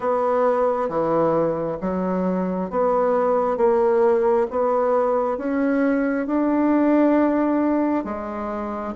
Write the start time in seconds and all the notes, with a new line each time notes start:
0.00 B3
0.88 E3
1.80 F#3
2.70 B3
3.57 A#3
4.50 B3
5.37 C#4
6.26 D4
8.04 G#3